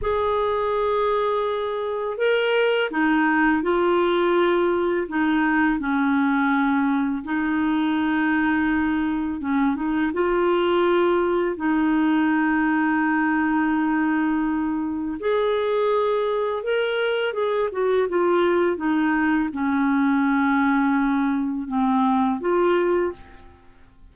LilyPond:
\new Staff \with { instrumentName = "clarinet" } { \time 4/4 \tempo 4 = 83 gis'2. ais'4 | dis'4 f'2 dis'4 | cis'2 dis'2~ | dis'4 cis'8 dis'8 f'2 |
dis'1~ | dis'4 gis'2 ais'4 | gis'8 fis'8 f'4 dis'4 cis'4~ | cis'2 c'4 f'4 | }